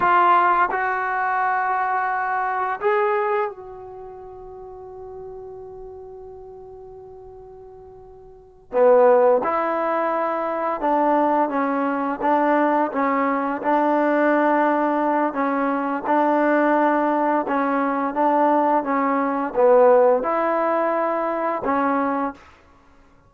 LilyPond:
\new Staff \with { instrumentName = "trombone" } { \time 4/4 \tempo 4 = 86 f'4 fis'2. | gis'4 fis'2.~ | fis'1~ | fis'8 b4 e'2 d'8~ |
d'8 cis'4 d'4 cis'4 d'8~ | d'2 cis'4 d'4~ | d'4 cis'4 d'4 cis'4 | b4 e'2 cis'4 | }